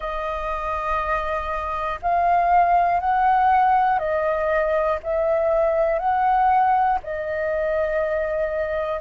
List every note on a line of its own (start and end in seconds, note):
0.00 2.00 D#5
2.01 3.00 F5
3.00 3.98 F#5
3.98 4.98 D#5
5.03 5.98 E5
5.98 6.98 F#5
7.03 9.00 D#5